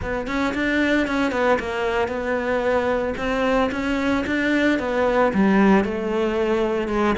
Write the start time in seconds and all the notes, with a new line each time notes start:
0.01 B3
0.27 C#4
0.54 D4
1.07 C#4
1.31 B3
1.59 A#3
2.08 B3
3.17 C4
3.71 C#4
4.26 D4
4.79 B3
5.34 G3
5.84 A3
6.88 G#3